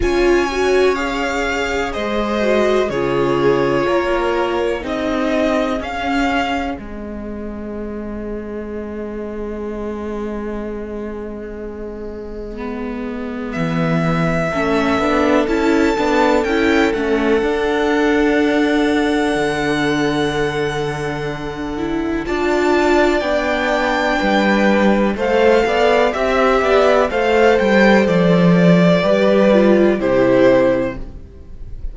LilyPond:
<<
  \new Staff \with { instrumentName = "violin" } { \time 4/4 \tempo 4 = 62 gis''4 f''4 dis''4 cis''4~ | cis''4 dis''4 f''4 dis''4~ | dis''1~ | dis''2 e''2 |
a''4 g''8 fis''2~ fis''8~ | fis''2. a''4 | g''2 f''4 e''4 | f''8 g''8 d''2 c''4 | }
  \new Staff \with { instrumentName = "violin" } { \time 4/4 cis''2 c''4 gis'4 | ais'4 gis'2.~ | gis'1~ | gis'2. a'4~ |
a'1~ | a'2. d''4~ | d''4 b'4 c''8 d''8 e''8 d''8 | c''2 b'4 g'4 | }
  \new Staff \with { instrumentName = "viola" } { \time 4/4 f'8 fis'8 gis'4. fis'8 f'4~ | f'4 dis'4 cis'4 c'4~ | c'1~ | c'4 b2 cis'8 d'8 |
e'8 d'8 e'8 cis'8 d'2~ | d'2~ d'8 e'8 f'4 | d'2 a'4 g'4 | a'2 g'8 f'8 e'4 | }
  \new Staff \with { instrumentName = "cello" } { \time 4/4 cis'2 gis4 cis4 | ais4 c'4 cis'4 gis4~ | gis1~ | gis2 e4 a8 b8 |
cis'8 b8 cis'8 a8 d'2 | d2. d'4 | b4 g4 a8 b8 c'8 b8 | a8 g8 f4 g4 c4 | }
>>